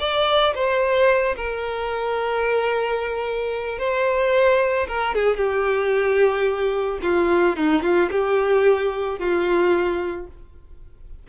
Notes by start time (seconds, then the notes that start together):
0.00 D5
0.55 C5
1.36 A#4
3.79 C5
4.88 A#4
5.15 G#4
5.37 G4
7.02 F4
7.56 D#4
7.83 F4
8.11 G4
9.19 F4